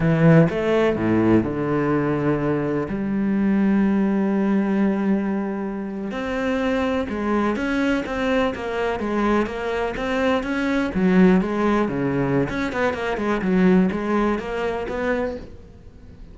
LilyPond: \new Staff \with { instrumentName = "cello" } { \time 4/4 \tempo 4 = 125 e4 a4 a,4 d4~ | d2 g2~ | g1~ | g8. c'2 gis4 cis'16~ |
cis'8. c'4 ais4 gis4 ais16~ | ais8. c'4 cis'4 fis4 gis16~ | gis8. cis4~ cis16 cis'8 b8 ais8 gis8 | fis4 gis4 ais4 b4 | }